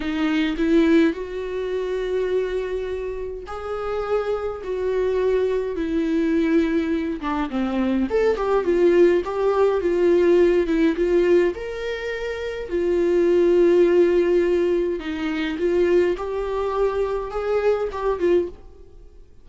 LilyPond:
\new Staff \with { instrumentName = "viola" } { \time 4/4 \tempo 4 = 104 dis'4 e'4 fis'2~ | fis'2 gis'2 | fis'2 e'2~ | e'8 d'8 c'4 a'8 g'8 f'4 |
g'4 f'4. e'8 f'4 | ais'2 f'2~ | f'2 dis'4 f'4 | g'2 gis'4 g'8 f'8 | }